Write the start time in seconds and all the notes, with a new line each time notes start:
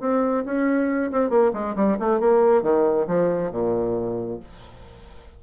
0.00 C4
0.45 C#4
1.11 C4
1.29 A#3
1.53 G#3
1.76 G3
1.99 A3
2.20 A#3
2.62 D#3
3.07 F3
3.51 A#2